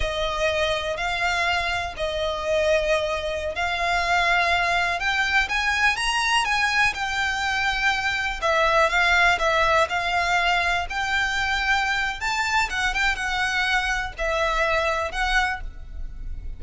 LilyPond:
\new Staff \with { instrumentName = "violin" } { \time 4/4 \tempo 4 = 123 dis''2 f''2 | dis''2.~ dis''16 f''8.~ | f''2~ f''16 g''4 gis''8.~ | gis''16 ais''4 gis''4 g''4.~ g''16~ |
g''4~ g''16 e''4 f''4 e''8.~ | e''16 f''2 g''4.~ g''16~ | g''4 a''4 fis''8 g''8 fis''4~ | fis''4 e''2 fis''4 | }